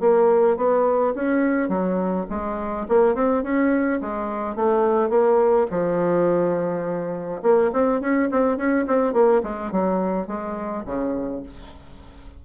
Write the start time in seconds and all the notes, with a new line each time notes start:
0.00 A#3
0.57 B3
1.15 C#4
1.69 F#3
2.30 G#3
2.88 A#3
3.15 C4
3.43 C#4
4.01 G#3
4.55 A3
5.09 A#3
5.70 F3
7.42 A#3
7.72 C4
8.01 C#4
8.31 C4
8.57 C#4
8.87 C4
9.13 A#3
9.43 G#3
9.72 F#3
10.27 G#3
10.85 C#3